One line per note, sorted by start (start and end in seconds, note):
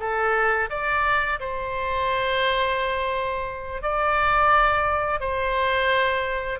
0.00 0.70 A4
0.70 1.40 D5
1.40 3.83 C5
3.83 5.20 D5
5.20 6.60 C5